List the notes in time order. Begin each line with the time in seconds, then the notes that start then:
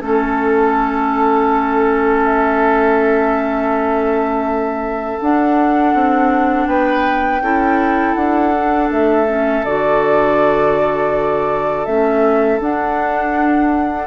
0.00 A3 C#4 A4
2.23 E5
5.19 D4 F#5
5.94 C4
6.67 B3 B4 G5
7.40 C#4 E4 A4
8.14 D4 F#5
8.54 D4
8.90 A3 E5
9.27 C#4
9.64 D3 F#4 D5
11.85 A3 C#4 E5
12.59 D4 F#5